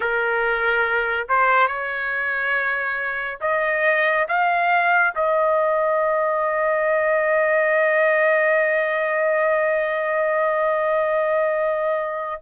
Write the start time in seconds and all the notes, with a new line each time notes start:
0.00 A#4
1.28 C5
1.67 C#5
3.41 D#5
4.28 F5
5.15 D#5